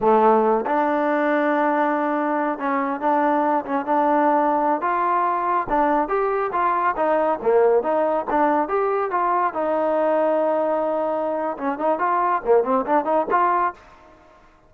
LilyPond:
\new Staff \with { instrumentName = "trombone" } { \time 4/4 \tempo 4 = 140 a4. d'2~ d'8~ | d'2 cis'4 d'4~ | d'8 cis'8 d'2~ d'16 f'8.~ | f'4~ f'16 d'4 g'4 f'8.~ |
f'16 dis'4 ais4 dis'4 d'8.~ | d'16 g'4 f'4 dis'4.~ dis'16~ | dis'2. cis'8 dis'8 | f'4 ais8 c'8 d'8 dis'8 f'4 | }